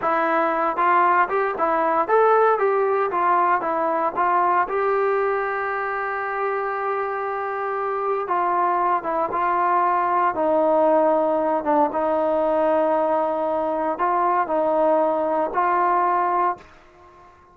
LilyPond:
\new Staff \with { instrumentName = "trombone" } { \time 4/4 \tempo 4 = 116 e'4. f'4 g'8 e'4 | a'4 g'4 f'4 e'4 | f'4 g'2.~ | g'1 |
f'4. e'8 f'2 | dis'2~ dis'8 d'8 dis'4~ | dis'2. f'4 | dis'2 f'2 | }